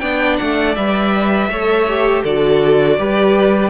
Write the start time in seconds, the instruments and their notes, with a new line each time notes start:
0.00 cello B3, viola D4, violin D5 G5
0.37 cello A3, violin F#5
0.75 cello G3, viola B4, violin E5
1.49 cello A3, viola A4, violin C#5
1.89 viola G4
2.23 cello D3, viola F#4, violin A4 D5
2.98 cello G3, viola G4, violin B4